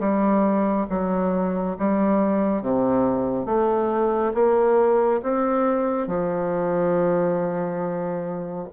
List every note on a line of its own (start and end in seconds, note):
0.00 0.87 G3
0.90 1.77 F#3
1.79 2.63 G3
2.63 3.46 C3
3.46 4.33 A3
4.34 5.21 A#3
5.23 6.08 C4
6.08 8.69 F3